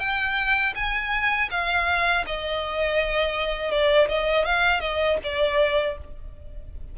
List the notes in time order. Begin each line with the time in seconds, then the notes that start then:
0.00 G5
0.76 G#5
1.51 F5
2.27 D#5
3.72 D5
4.09 D#5
4.46 F5
4.81 D#5
5.24 D5